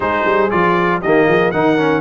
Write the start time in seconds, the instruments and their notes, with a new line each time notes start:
0.00 tuba G#3, trombone D#4, horn G#4, trumpet C5
0.25 tuba G3
0.50 tuba F3, trombone F4, trumpet D5
1.00 tuba D#3, trombone A#3, horn G4, trumpet D#5
1.27 tuba F3, horn G#4
1.51 tuba D#3, trombone D#4, horn A#4, trumpet F#5
1.78 trombone C#4